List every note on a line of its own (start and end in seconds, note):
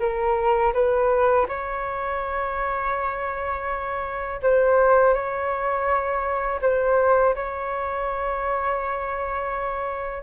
0.00 0.73 A#4
0.74 1.47 B4
1.48 4.41 C#5
4.43 5.14 C5
5.14 6.61 C#5
6.62 7.35 C5
7.35 10.23 C#5